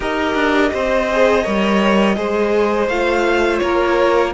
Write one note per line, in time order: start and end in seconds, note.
0.00 0.34 D#4
0.00 1.07 G4
0.00 0.70 A#4
0.00 2.88 D#5
0.34 0.71 D4
0.73 1.45 C4
0.73 1.43 C5
1.11 1.43 G#4
1.43 2.17 G3
1.43 2.15 A#4
1.43 2.15 C#5
2.15 2.88 G#3
2.15 2.87 G#4
2.15 3.62 C5
2.88 3.60 A3
2.88 4.33 F4
2.88 3.58 F5
3.58 4.33 A#3
3.58 4.33 A#4
3.58 4.30 C#5